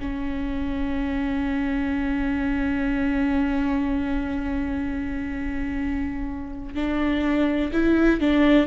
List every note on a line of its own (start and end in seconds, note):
0.00 6.75 C#4
6.75 7.72 D4
7.73 8.20 E4
8.20 8.67 D4